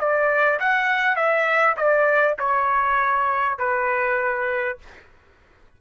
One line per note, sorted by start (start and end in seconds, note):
0.00 0.60 D5
0.60 1.17 F#5
1.17 1.77 E5
1.77 2.37 D5
2.39 3.59 C#5
3.59 4.79 B4